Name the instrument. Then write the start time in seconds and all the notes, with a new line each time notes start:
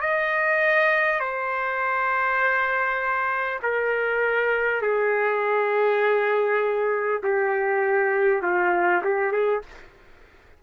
trumpet
0.00 D#5
1.19 C5
3.62 A#4
4.82 G#4
7.23 G4
8.42 F4
9.04 G4
9.32 G#4